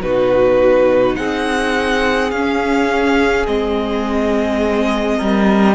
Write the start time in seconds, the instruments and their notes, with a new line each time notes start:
0.00 cello B2, viola D#4, violin F#4 B4
1.16 cello C4, violin G#4 F#5
2.31 cello C#4, viola C#4, violin F5
3.46 cello G#3, viola C4, violin D#5
5.18 cello G3, violin A#4